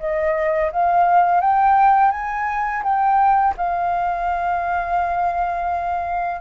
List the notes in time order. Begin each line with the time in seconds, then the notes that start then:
0.00 D#5
0.72 F5
1.41 G5
2.11 G#5
2.83 G5
3.57 F5